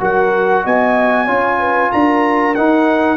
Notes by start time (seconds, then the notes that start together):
0.00 F#3 F#4 A#4 F#5
0.64 B3 D#5 G#5
1.25 C#4 F4 C#5
1.59 B4
1.91 D4 A#4 A#5
2.55 D#4 F#5